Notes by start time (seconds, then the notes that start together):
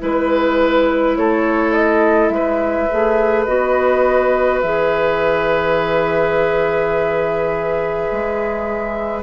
0.00 G#3 E4 B4
1.16 A3 A4 C#5
1.74 D#5
2.29 G#3 B4 E5
2.90 A3 G#4
3.45 B3 F#4 D#5
4.61 E3 G#4 E5
8.12 G#3